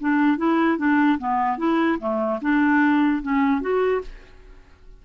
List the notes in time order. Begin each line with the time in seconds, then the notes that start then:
0.00 D4
0.37 E4
0.78 D4
1.18 B3
1.58 E4
1.99 A3
2.41 D4
3.22 C#4
3.61 F#4